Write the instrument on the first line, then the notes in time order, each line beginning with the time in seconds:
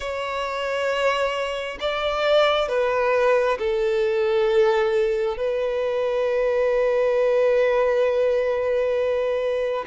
violin
0.00 C#5
1.80 D5
2.68 B4
3.59 A4
5.37 B4